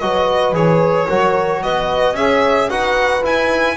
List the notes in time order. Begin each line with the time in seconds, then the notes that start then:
0.00 F#3 F#4 B4 D#5
0.52 E3 G#4 C#5
1.08 F#3 F#4 A#4
1.63 B3 B4 D#5
2.13 C#4 G#4 E5
2.19 C#5
2.70 D#4 F#4 B4 F#5
3.23 E4 G#5